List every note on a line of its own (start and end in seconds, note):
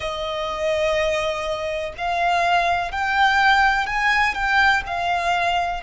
0.00 1.93 D#5
1.97 2.91 F5
2.91 3.86 G5
3.86 4.34 G#5
4.34 4.83 G5
4.86 5.83 F5